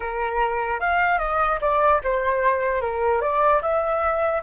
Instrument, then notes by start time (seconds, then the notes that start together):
flute
0.00 A#4
0.80 F5
1.18 D#5
1.61 D5
2.03 C5
2.81 A#4
3.21 D5
3.61 E5